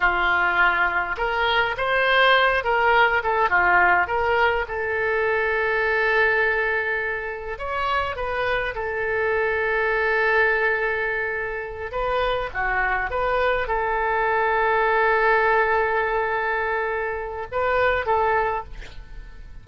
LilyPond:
\new Staff \with { instrumentName = "oboe" } { \time 4/4 \tempo 4 = 103 f'2 ais'4 c''4~ | c''8 ais'4 a'8 f'4 ais'4 | a'1~ | a'4 cis''4 b'4 a'4~ |
a'1~ | a'8 b'4 fis'4 b'4 a'8~ | a'1~ | a'2 b'4 a'4 | }